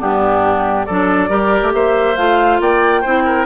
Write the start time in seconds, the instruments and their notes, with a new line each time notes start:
0.00 bassoon G2, clarinet B3, oboe D4, flute G4
0.86 bassoon F#3, clarinet D4, oboe A4, flute D5
1.30 bassoon G3, clarinet G4, oboe A#4
1.62 bassoon A3
1.74 bassoon A#3, oboe C5, flute E5
2.17 bassoon A3, clarinet F4, flute F5
2.61 bassoon A#3, oboe D5, flute G5
3.02 bassoon C4, clarinet E4, oboe C5
3.26 oboe A#4